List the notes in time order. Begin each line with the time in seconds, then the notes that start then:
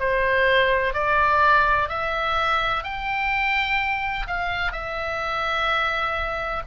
0.00 C5
0.94 D5
1.89 E5
2.84 G5
4.28 F5
4.73 E5